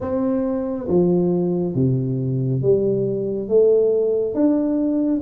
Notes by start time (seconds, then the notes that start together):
0.00 C4
0.88 F3
1.74 C3
2.62 G3
3.48 A3
4.34 D4